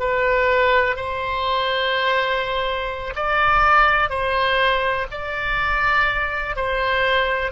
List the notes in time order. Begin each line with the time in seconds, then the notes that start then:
0.00 B4
0.96 C5
3.16 D5
4.10 C5
5.12 D5
6.56 C5